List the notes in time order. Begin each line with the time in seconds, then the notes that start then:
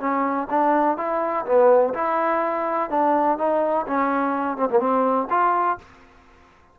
0.00 C#4
0.50 D4
0.98 E4
1.46 B3
1.94 E4
2.90 D4
3.38 D#4
3.87 C#4
4.58 C4
4.71 A#3
4.80 C4
5.31 F4